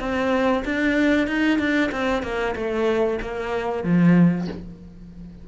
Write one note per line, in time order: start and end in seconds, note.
0.00 0.64 C4
0.65 1.28 D4
1.28 1.59 D#4
1.59 1.91 D4
1.92 2.23 C4
2.23 2.55 A#3
2.56 3.20 A3
3.22 3.84 A#3
3.84 4.48 F3